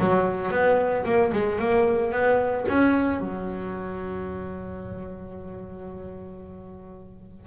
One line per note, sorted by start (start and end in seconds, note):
0.00 0.51 F#3
0.51 1.04 B3
1.05 1.32 A#3
1.33 1.59 G#3
1.59 2.12 A#3
2.12 2.66 B3
2.69 3.20 C#4
3.20 7.47 F#3